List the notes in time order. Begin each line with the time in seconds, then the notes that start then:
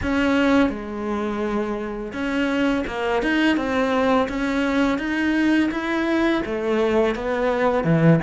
0.02 C#4
0.69 G#3
2.12 C#4
2.86 A#3
3.22 D#4
3.56 C4
4.29 C#4
4.98 D#4
5.71 E4
6.45 A3
7.15 B3
7.83 E3